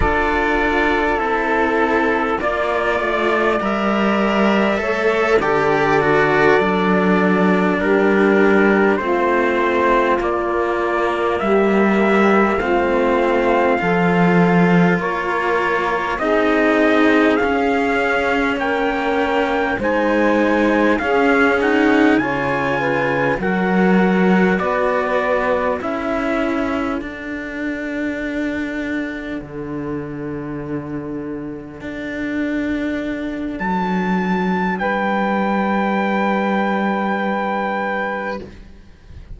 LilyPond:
<<
  \new Staff \with { instrumentName = "trumpet" } { \time 4/4 \tempo 4 = 50 d''4 a'4 d''4 e''4~ | e''8 d''2 ais'4 c''8~ | c''8 d''4 e''4 f''4.~ | f''8 cis''4 dis''4 f''4 g''8~ |
g''8 gis''4 f''8 fis''8 gis''4 fis''8~ | fis''8 d''4 e''4 fis''4.~ | fis''1 | a''4 g''2. | }
  \new Staff \with { instrumentName = "saxophone" } { \time 4/4 a'2 d''2 | cis''8 a'2 g'4 f'8~ | f'4. g'4 f'4 a'8~ | a'8 ais'4 gis'2 ais'8~ |
ais'8 c''4 gis'4 cis''8 b'8 ais'8~ | ais'8 b'4 a'2~ a'8~ | a'1~ | a'4 b'2. | }
  \new Staff \with { instrumentName = "cello" } { \time 4/4 f'4 e'4 f'4 ais'4 | a'8 g'8 fis'8 d'2 c'8~ | c'8 ais2 c'4 f'8~ | f'4. dis'4 cis'4.~ |
cis'8 dis'4 cis'8 dis'8 f'4 fis'8~ | fis'4. e'4 d'4.~ | d'1~ | d'1 | }
  \new Staff \with { instrumentName = "cello" } { \time 4/4 d'4 c'4 ais8 a8 g4 | a8 d4 fis4 g4 a8~ | a8 ais4 g4 a4 f8~ | f8 ais4 c'4 cis'4 ais8~ |
ais8 gis4 cis'4 cis4 fis8~ | fis8 b4 cis'4 d'4.~ | d'8 d2 d'4. | fis4 g2. | }
>>